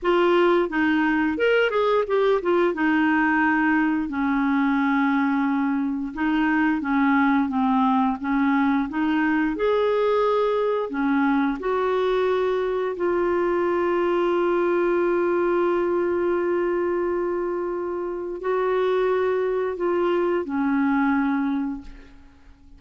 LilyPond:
\new Staff \with { instrumentName = "clarinet" } { \time 4/4 \tempo 4 = 88 f'4 dis'4 ais'8 gis'8 g'8 f'8 | dis'2 cis'2~ | cis'4 dis'4 cis'4 c'4 | cis'4 dis'4 gis'2 |
cis'4 fis'2 f'4~ | f'1~ | f'2. fis'4~ | fis'4 f'4 cis'2 | }